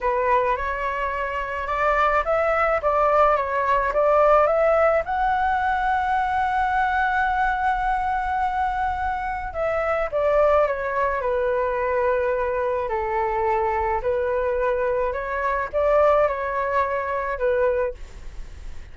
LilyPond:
\new Staff \with { instrumentName = "flute" } { \time 4/4 \tempo 4 = 107 b'4 cis''2 d''4 | e''4 d''4 cis''4 d''4 | e''4 fis''2.~ | fis''1~ |
fis''4 e''4 d''4 cis''4 | b'2. a'4~ | a'4 b'2 cis''4 | d''4 cis''2 b'4 | }